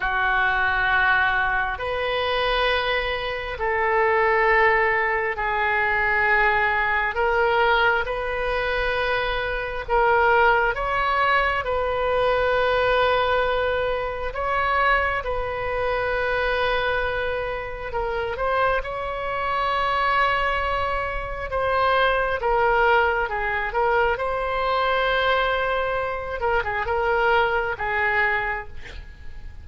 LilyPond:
\new Staff \with { instrumentName = "oboe" } { \time 4/4 \tempo 4 = 67 fis'2 b'2 | a'2 gis'2 | ais'4 b'2 ais'4 | cis''4 b'2. |
cis''4 b'2. | ais'8 c''8 cis''2. | c''4 ais'4 gis'8 ais'8 c''4~ | c''4. ais'16 gis'16 ais'4 gis'4 | }